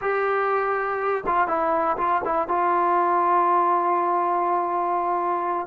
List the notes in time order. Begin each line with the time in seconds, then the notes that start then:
0.01 G4
1.26 F4
1.47 E4
1.97 F4
2.24 E4
2.47 F4